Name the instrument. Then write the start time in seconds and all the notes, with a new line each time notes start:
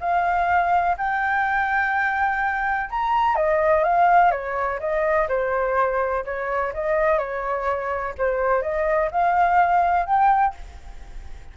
flute
0.00 F5
0.97 G5
2.89 A#5
3.35 D#5
3.83 F5
4.31 C#5
4.79 D#5
5.28 C5
6.24 C#5
6.73 D#5
7.18 C#5
8.17 C5
8.62 D#5
9.11 F5
10.06 G5